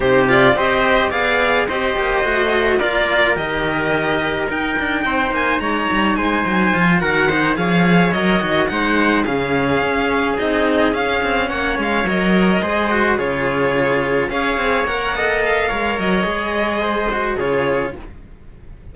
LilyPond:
<<
  \new Staff \with { instrumentName = "violin" } { \time 4/4 \tempo 4 = 107 c''8 d''8 dis''4 f''4 dis''4~ | dis''4 d''4 dis''2 | g''4. gis''8 ais''4 gis''4~ | gis''8 fis''4 f''4 dis''4 fis''8~ |
fis''8 f''2 dis''4 f''8~ | f''8 fis''8 f''8 dis''2 cis''8~ | cis''4. f''4 fis''4 f''8~ | f''8 dis''2~ dis''8 cis''4 | }
  \new Staff \with { instrumentName = "trumpet" } { \time 4/4 g'4 c''4 d''4 c''4~ | c''4 ais'2.~ | ais'4 c''4 cis''4 c''4~ | c''8 ais'8 c''8 cis''2 c''8~ |
c''8 gis'2.~ gis'8~ | gis'8 cis''2 c''4 gis'8~ | gis'4. cis''4. dis''4 | cis''2 c''4 gis'4 | }
  \new Staff \with { instrumentName = "cello" } { \time 4/4 dis'8 f'8 g'4 gis'4 g'4 | fis'4 f'4 g'2 | dis'1 | f'8 fis'8 dis'8 gis'4 ais'8 fis'8 dis'8~ |
dis'8 cis'2 dis'4 cis'8~ | cis'4. ais'4 gis'8 fis'8 f'8~ | f'4. gis'4 ais'8 a'4 | ais'4 gis'4. fis'8 f'4 | }
  \new Staff \with { instrumentName = "cello" } { \time 4/4 c4 c'4 b4 c'8 ais8 | a4 ais4 dis2 | dis'8 d'8 c'8 ais8 gis8 g8 gis8 fis8 | f8 dis4 f4 fis8 dis8 gis8~ |
gis8 cis4 cis'4 c'4 cis'8 | c'8 ais8 gis8 fis4 gis4 cis8~ | cis4. cis'8 c'8 ais4. | gis8 fis8 gis2 cis4 | }
>>